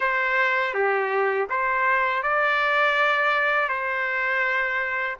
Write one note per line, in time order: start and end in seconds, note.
0.00 0.73 C5
0.73 1.47 G4
1.49 2.23 C5
2.23 3.68 D5
3.68 5.16 C5